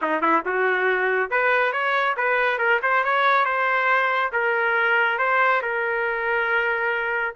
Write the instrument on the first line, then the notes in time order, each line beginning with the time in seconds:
trumpet
0.01 D#4
0.21 E4
0.45 F#4
1.30 B4
1.72 C#5
2.17 B4
2.58 A#4
2.82 C5
3.04 C#5
3.45 C5
4.32 A#4
5.18 C5
5.62 A#4